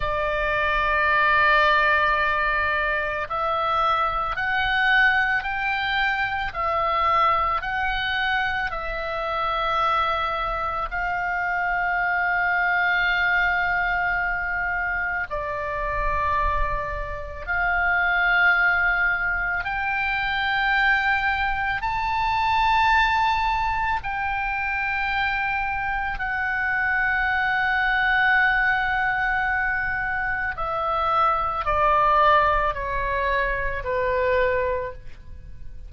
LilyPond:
\new Staff \with { instrumentName = "oboe" } { \time 4/4 \tempo 4 = 55 d''2. e''4 | fis''4 g''4 e''4 fis''4 | e''2 f''2~ | f''2 d''2 |
f''2 g''2 | a''2 g''2 | fis''1 | e''4 d''4 cis''4 b'4 | }